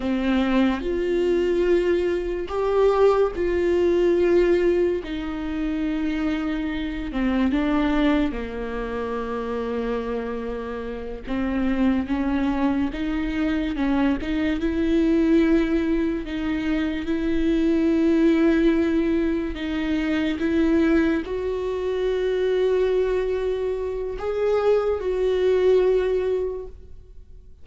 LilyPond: \new Staff \with { instrumentName = "viola" } { \time 4/4 \tempo 4 = 72 c'4 f'2 g'4 | f'2 dis'2~ | dis'8 c'8 d'4 ais2~ | ais4. c'4 cis'4 dis'8~ |
dis'8 cis'8 dis'8 e'2 dis'8~ | dis'8 e'2. dis'8~ | dis'8 e'4 fis'2~ fis'8~ | fis'4 gis'4 fis'2 | }